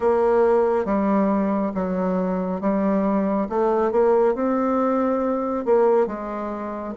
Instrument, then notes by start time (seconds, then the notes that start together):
bassoon
0.00 A#3
0.85 G3
1.74 F#3
2.60 G3
3.49 A3
3.91 A#3
4.34 C4
5.65 A#3
6.07 G#3